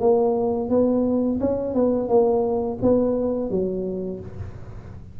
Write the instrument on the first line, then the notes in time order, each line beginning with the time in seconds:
tuba
0.00 A#3
0.69 B3
1.40 C#4
1.74 B3
2.09 A#3
2.82 B3
3.50 F#3